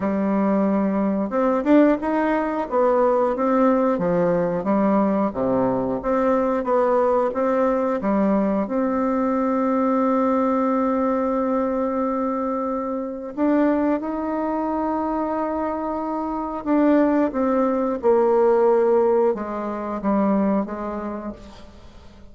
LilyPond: \new Staff \with { instrumentName = "bassoon" } { \time 4/4 \tempo 4 = 90 g2 c'8 d'8 dis'4 | b4 c'4 f4 g4 | c4 c'4 b4 c'4 | g4 c'2.~ |
c'1 | d'4 dis'2.~ | dis'4 d'4 c'4 ais4~ | ais4 gis4 g4 gis4 | }